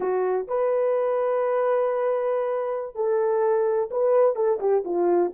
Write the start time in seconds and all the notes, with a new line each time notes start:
0.00 F#4
0.47 B4
2.95 A4
3.90 B4
4.35 A4
4.60 G4
4.84 F4